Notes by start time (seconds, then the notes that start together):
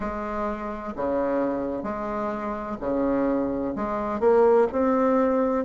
0.00 G#3
0.95 C#3
1.83 G#3
2.80 C#3
3.75 G#3
4.20 A#3
4.72 C4